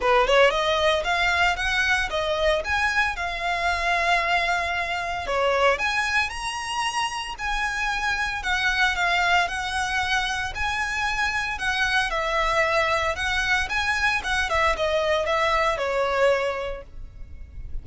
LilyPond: \new Staff \with { instrumentName = "violin" } { \time 4/4 \tempo 4 = 114 b'8 cis''8 dis''4 f''4 fis''4 | dis''4 gis''4 f''2~ | f''2 cis''4 gis''4 | ais''2 gis''2 |
fis''4 f''4 fis''2 | gis''2 fis''4 e''4~ | e''4 fis''4 gis''4 fis''8 e''8 | dis''4 e''4 cis''2 | }